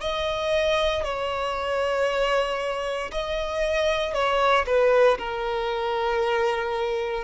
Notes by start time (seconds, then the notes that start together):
0.00 D#5
1.03 C#5
3.11 D#5
4.13 C#5
4.66 B4
5.18 A#4